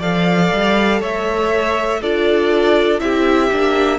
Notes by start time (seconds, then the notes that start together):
0.00 F3 A4 D5 F5
0.53 G3
1.00 A3 C#5 E5
2.01 D4 F4 A4 D5
3.00 C4 E4 G4 E5
3.52 A#3 D4